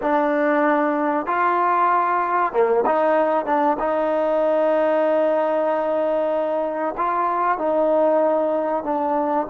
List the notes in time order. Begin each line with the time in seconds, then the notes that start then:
0.01 D4
1.26 F4
2.52 A#3
2.86 D#4
3.45 D4
3.79 D#4
6.97 F4
7.58 D#4
8.83 D4